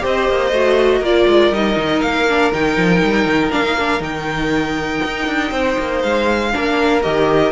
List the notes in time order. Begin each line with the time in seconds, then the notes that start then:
0.00 C4 G4 C5
0.07 D#5
0.29 A#3
0.51 A3 F#4
1.00 A#3 F4 A#4 D5
1.27 G#3
1.51 G3 D#4 D#5
1.77 D#3
2.01 A#3 F5
2.29 D4
2.52 D#3 D#4 G5
2.77 F3
3.03 G3
3.26 D#3
3.52 A#3 D4 F5
3.63 D#4
3.78 D4
4.00 D#3 D#4 G5
5.05 D#4
5.27 D4
5.51 C4 C5
5.79 A#3
6.02 G#3 F5
6.53 A#3 D4 A#4
7.02 D#3 G4 D#5